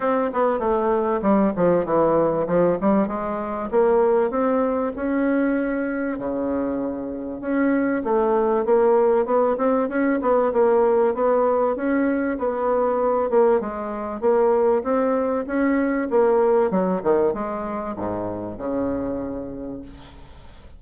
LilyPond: \new Staff \with { instrumentName = "bassoon" } { \time 4/4 \tempo 4 = 97 c'8 b8 a4 g8 f8 e4 | f8 g8 gis4 ais4 c'4 | cis'2 cis2 | cis'4 a4 ais4 b8 c'8 |
cis'8 b8 ais4 b4 cis'4 | b4. ais8 gis4 ais4 | c'4 cis'4 ais4 fis8 dis8 | gis4 gis,4 cis2 | }